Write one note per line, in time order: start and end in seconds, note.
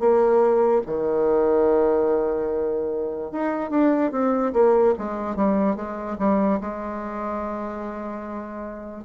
0.00 0.82 A#3
0.86 3.32 D#3
3.32 3.71 D#4
3.71 4.12 D4
4.12 4.53 C4
4.54 4.95 A#3
4.98 5.36 G#3
5.36 5.76 G3
5.76 6.18 G#3
6.19 6.60 G3
6.61 9.05 G#3